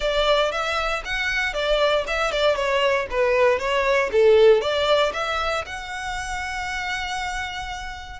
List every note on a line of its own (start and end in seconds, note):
0.00 0.51 D5
0.51 1.02 E5
1.05 1.53 F#5
1.53 2.04 D5
2.07 2.31 E5
2.31 2.55 D5
2.55 3.07 C#5
3.10 3.58 B4
3.58 4.10 C#5
4.11 4.61 A4
4.61 5.12 D5
5.13 5.64 E5
5.65 8.20 F#5